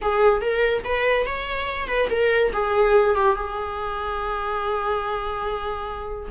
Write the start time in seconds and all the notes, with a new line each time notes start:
0.01 G#4
0.41 A#4
0.84 B4
1.26 C#5
1.87 B4
2.10 A#4
2.52 G#4
3.15 G4
3.35 G#4